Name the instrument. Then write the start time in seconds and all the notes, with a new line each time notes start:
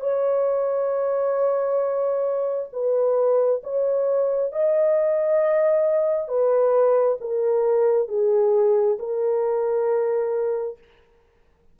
horn
0.00 C#5
2.72 B4
3.63 C#5
4.52 D#5
6.28 B4
7.20 A#4
8.08 G#4
8.98 A#4